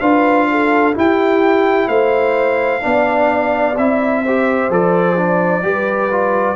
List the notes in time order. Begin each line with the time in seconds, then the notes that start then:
0.00 D4 F4 B4 F5
0.51 A4
0.94 E4 G4 G5
1.88 A3 C5 F5
2.80 B3 D4 D5
3.77 C4 E4 E5
4.24 G4 C5
4.70 F3 A4 D5
5.16 D4
5.62 G3 G4 B4
6.11 F4